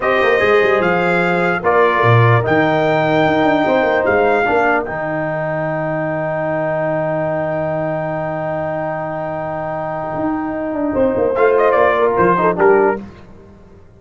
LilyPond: <<
  \new Staff \with { instrumentName = "trumpet" } { \time 4/4 \tempo 4 = 148 dis''2 f''2 | d''2 g''2~ | g''2 f''2 | g''1~ |
g''1~ | g''1~ | g''1 | f''8 dis''8 d''4 c''4 ais'4 | }
  \new Staff \with { instrumentName = "horn" } { \time 4/4 c''1 | ais'1~ | ais'4 c''2 ais'4~ | ais'1~ |
ais'1~ | ais'1~ | ais'2. c''4~ | c''4. ais'4 a'8 g'4 | }
  \new Staff \with { instrumentName = "trombone" } { \time 4/4 g'4 gis'2. | f'2 dis'2~ | dis'2. d'4 | dis'1~ |
dis'1~ | dis'1~ | dis'1 | f'2~ f'8 dis'8 d'4 | }
  \new Staff \with { instrumentName = "tuba" } { \time 4/4 c'8 ais8 gis8 g8 f2 | ais4 ais,4 dis2 | dis'8 d'8 c'8 ais8 gis4 ais4 | dis1~ |
dis1~ | dis1~ | dis4 dis'4. d'8 c'8 ais8 | a4 ais4 f4 g4 | }
>>